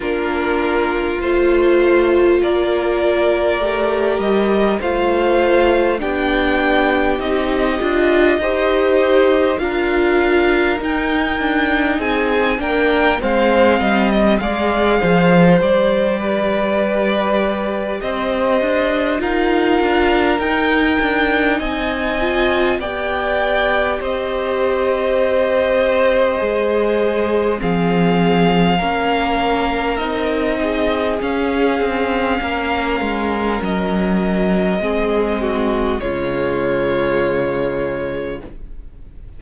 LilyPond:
<<
  \new Staff \with { instrumentName = "violin" } { \time 4/4 \tempo 4 = 50 ais'4 c''4 d''4. dis''8 | f''4 g''4 dis''2 | f''4 g''4 gis''8 g''8 f''8. dis''16 | f''4 d''2 dis''4 |
f''4 g''4 gis''4 g''4 | dis''2. f''4~ | f''4 dis''4 f''2 | dis''2 cis''2 | }
  \new Staff \with { instrumentName = "violin" } { \time 4/4 f'2 ais'2 | c''4 g'2 c''4 | ais'2 gis'8 ais'8 c''8 dis''8 | d''8 c''4 b'4. c''4 |
ais'2 dis''4 d''4 | c''2. gis'4 | ais'4. gis'4. ais'4~ | ais'4 gis'8 fis'8 f'2 | }
  \new Staff \with { instrumentName = "viola" } { \time 4/4 d'4 f'2 g'4 | f'4 d'4 dis'8 f'8 g'4 | f'4 dis'4. d'8 c'4 | gis'4 g'2. |
f'4 dis'4. f'8 g'4~ | g'2 gis'4 c'4 | cis'4 dis'4 cis'2~ | cis'4 c'4 gis2 | }
  \new Staff \with { instrumentName = "cello" } { \time 4/4 ais4 a4 ais4 a8 g8 | a4 b4 c'8 d'8 dis'4 | d'4 dis'8 d'8 c'8 ais8 gis8 g8 | gis8 f8 g2 c'8 d'8 |
dis'8 d'8 dis'8 d'8 c'4 b4 | c'2 gis4 f4 | ais4 c'4 cis'8 c'8 ais8 gis8 | fis4 gis4 cis2 | }
>>